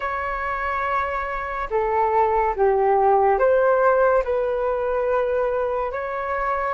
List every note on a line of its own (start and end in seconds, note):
0.00 1.69 C#5
1.70 2.55 A4
2.55 3.38 G4
3.38 4.23 C5
4.24 5.92 B4
5.92 6.74 C#5